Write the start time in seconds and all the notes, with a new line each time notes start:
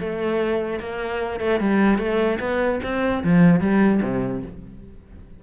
0.00 A3
0.80 A#3
1.40 A3
1.60 G3
1.99 A3
2.40 B3
2.84 C4
3.24 F3
3.61 G3
4.02 C3